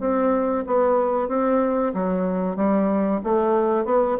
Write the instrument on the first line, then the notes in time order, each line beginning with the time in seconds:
bassoon
0.00 C4
0.66 B3
1.28 C4
1.94 F#3
2.56 G3
3.23 A3
3.85 B3